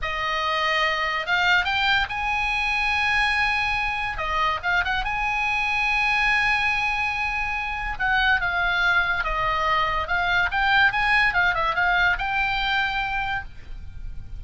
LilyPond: \new Staff \with { instrumentName = "oboe" } { \time 4/4 \tempo 4 = 143 dis''2. f''4 | g''4 gis''2.~ | gis''2 dis''4 f''8 fis''8 | gis''1~ |
gis''2. fis''4 | f''2 dis''2 | f''4 g''4 gis''4 f''8 e''8 | f''4 g''2. | }